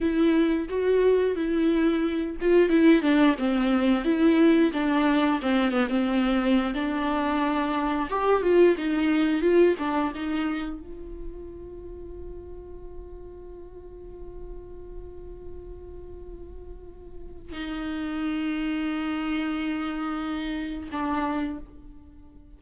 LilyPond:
\new Staff \with { instrumentName = "viola" } { \time 4/4 \tempo 4 = 89 e'4 fis'4 e'4. f'8 | e'8 d'8 c'4 e'4 d'4 | c'8 b16 c'4~ c'16 d'2 | g'8 f'8 dis'4 f'8 d'8 dis'4 |
f'1~ | f'1~ | f'2 dis'2~ | dis'2. d'4 | }